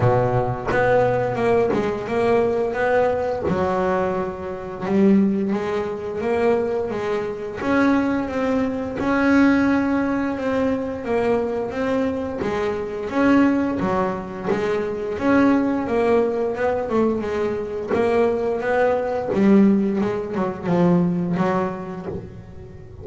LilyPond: \new Staff \with { instrumentName = "double bass" } { \time 4/4 \tempo 4 = 87 b,4 b4 ais8 gis8 ais4 | b4 fis2 g4 | gis4 ais4 gis4 cis'4 | c'4 cis'2 c'4 |
ais4 c'4 gis4 cis'4 | fis4 gis4 cis'4 ais4 | b8 a8 gis4 ais4 b4 | g4 gis8 fis8 f4 fis4 | }